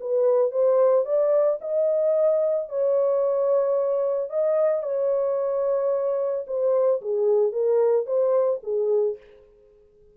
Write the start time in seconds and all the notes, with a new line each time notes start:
0.00 B4
0.51 C5
1.05 D5
1.61 D#5
2.69 C#5
4.30 D#5
4.83 C#5
6.47 C5
7.01 G#4
7.52 A#4
8.06 C5
8.63 G#4